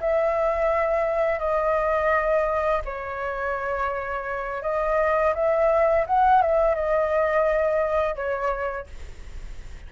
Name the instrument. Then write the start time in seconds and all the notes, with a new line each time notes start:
flute
0.00 E5
1.39 D#5
2.85 C#5
4.62 D#5
5.34 E5
6.06 F#5
6.42 E5
6.75 D#5
8.15 C#5